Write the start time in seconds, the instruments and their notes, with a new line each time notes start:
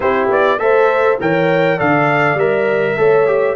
0.00 tuba C4, trombone E4, horn G4, trumpet C5
0.28 tuba B3, trumpet D5
0.57 tuba A3, trombone A4, horn C5, trumpet E5
1.20 tuba E3, trombone A#4, horn C#5, trumpet G5
1.76 tuba D3, trombone A4, horn D5, trumpet F5
2.34 tuba G3, trombone A#4, trumpet E5
2.97 tuba A3, trombone A4, horn C#5
3.26 trombone G4